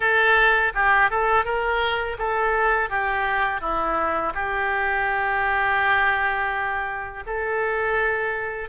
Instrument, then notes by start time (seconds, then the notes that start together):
oboe
0.00 A4
0.74 G4
1.10 A4
1.45 A#4
2.18 A4
2.89 G4
3.60 E4
4.34 G4
7.26 A4